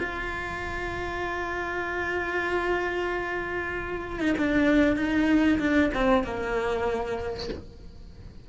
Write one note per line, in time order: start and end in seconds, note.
0.00 4.20 F4
4.20 4.36 D#4
4.38 4.97 D4
4.97 5.59 D#4
5.59 5.91 D4
5.94 6.24 C4
6.24 7.49 A#3